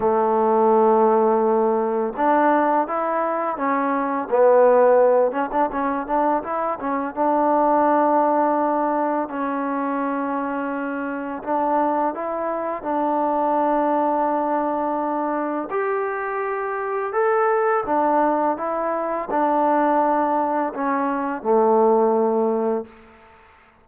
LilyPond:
\new Staff \with { instrumentName = "trombone" } { \time 4/4 \tempo 4 = 84 a2. d'4 | e'4 cis'4 b4. cis'16 d'16 | cis'8 d'8 e'8 cis'8 d'2~ | d'4 cis'2. |
d'4 e'4 d'2~ | d'2 g'2 | a'4 d'4 e'4 d'4~ | d'4 cis'4 a2 | }